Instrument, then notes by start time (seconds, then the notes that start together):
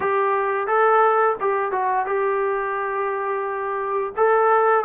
trombone
0.00 G4
0.67 A4
1.40 G4
1.71 F#4
2.05 G4
4.17 A4